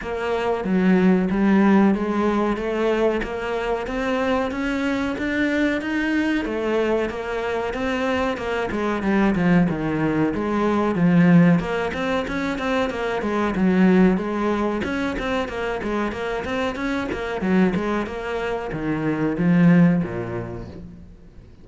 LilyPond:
\new Staff \with { instrumentName = "cello" } { \time 4/4 \tempo 4 = 93 ais4 fis4 g4 gis4 | a4 ais4 c'4 cis'4 | d'4 dis'4 a4 ais4 | c'4 ais8 gis8 g8 f8 dis4 |
gis4 f4 ais8 c'8 cis'8 c'8 | ais8 gis8 fis4 gis4 cis'8 c'8 | ais8 gis8 ais8 c'8 cis'8 ais8 fis8 gis8 | ais4 dis4 f4 ais,4 | }